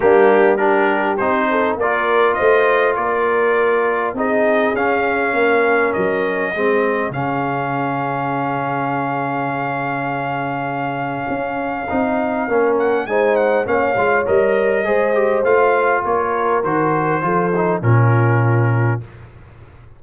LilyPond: <<
  \new Staff \with { instrumentName = "trumpet" } { \time 4/4 \tempo 4 = 101 g'4 ais'4 c''4 d''4 | dis''4 d''2 dis''4 | f''2 dis''2 | f''1~ |
f''1~ | f''4. fis''8 gis''8 fis''8 f''4 | dis''2 f''4 cis''4 | c''2 ais'2 | }
  \new Staff \with { instrumentName = "horn" } { \time 4/4 d'4 g'4. a'8 ais'4 | c''4 ais'2 gis'4~ | gis'4 ais'2 gis'4~ | gis'1~ |
gis'1~ | gis'4 ais'4 c''4 cis''4~ | cis''4 c''2 ais'4~ | ais'4 a'4 f'2 | }
  \new Staff \with { instrumentName = "trombone" } { \time 4/4 ais4 d'4 dis'4 f'4~ | f'2. dis'4 | cis'2. c'4 | cis'1~ |
cis'1 | dis'4 cis'4 dis'4 cis'8 f'8 | ais'4 gis'8 g'8 f'2 | fis'4 f'8 dis'8 cis'2 | }
  \new Staff \with { instrumentName = "tuba" } { \time 4/4 g2 c'4 ais4 | a4 ais2 c'4 | cis'4 ais4 fis4 gis4 | cis1~ |
cis2. cis'4 | c'4 ais4 gis4 ais8 gis8 | g4 gis4 a4 ais4 | dis4 f4 ais,2 | }
>>